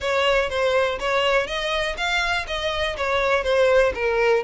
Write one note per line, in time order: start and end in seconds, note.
0.00 0.49 C#5
0.49 0.98 C5
0.99 1.46 C#5
1.46 1.96 D#5
1.97 2.46 F5
2.47 2.96 D#5
2.97 3.43 C#5
3.43 3.92 C5
3.94 4.43 A#4